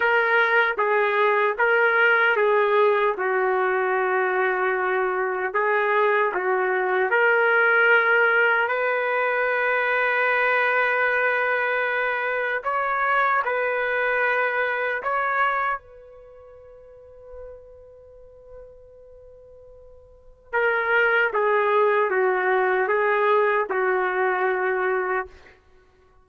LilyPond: \new Staff \with { instrumentName = "trumpet" } { \time 4/4 \tempo 4 = 76 ais'4 gis'4 ais'4 gis'4 | fis'2. gis'4 | fis'4 ais'2 b'4~ | b'1 |
cis''4 b'2 cis''4 | b'1~ | b'2 ais'4 gis'4 | fis'4 gis'4 fis'2 | }